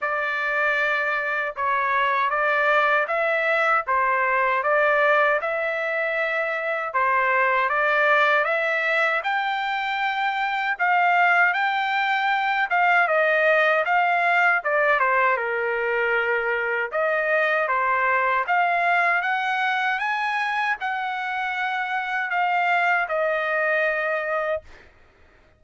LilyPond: \new Staff \with { instrumentName = "trumpet" } { \time 4/4 \tempo 4 = 78 d''2 cis''4 d''4 | e''4 c''4 d''4 e''4~ | e''4 c''4 d''4 e''4 | g''2 f''4 g''4~ |
g''8 f''8 dis''4 f''4 d''8 c''8 | ais'2 dis''4 c''4 | f''4 fis''4 gis''4 fis''4~ | fis''4 f''4 dis''2 | }